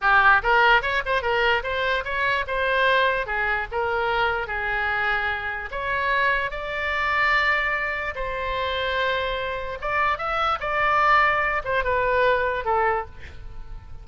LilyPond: \new Staff \with { instrumentName = "oboe" } { \time 4/4 \tempo 4 = 147 g'4 ais'4 cis''8 c''8 ais'4 | c''4 cis''4 c''2 | gis'4 ais'2 gis'4~ | gis'2 cis''2 |
d''1 | c''1 | d''4 e''4 d''2~ | d''8 c''8 b'2 a'4 | }